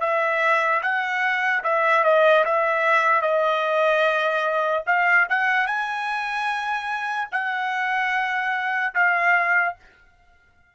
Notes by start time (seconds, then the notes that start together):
0.00 E5
0.82 F#5
1.63 E5
2.03 D#5
2.44 E5
3.21 D#5
4.86 F5
5.29 F#5
5.66 G#5
7.32 F#5
8.94 F5